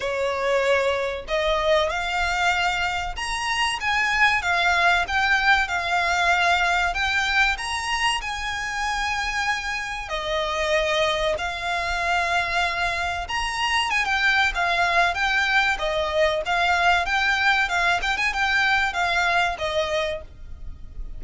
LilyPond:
\new Staff \with { instrumentName = "violin" } { \time 4/4 \tempo 4 = 95 cis''2 dis''4 f''4~ | f''4 ais''4 gis''4 f''4 | g''4 f''2 g''4 | ais''4 gis''2. |
dis''2 f''2~ | f''4 ais''4 gis''16 g''8. f''4 | g''4 dis''4 f''4 g''4 | f''8 g''16 gis''16 g''4 f''4 dis''4 | }